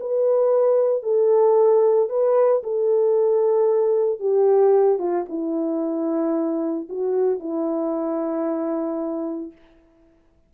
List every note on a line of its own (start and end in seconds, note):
0.00 1.03 B4
1.03 2.09 A4
2.09 2.62 B4
2.63 4.19 A4
4.19 4.99 G4
4.99 5.25 F4
5.29 6.88 E4
6.89 7.39 F#4
7.39 9.52 E4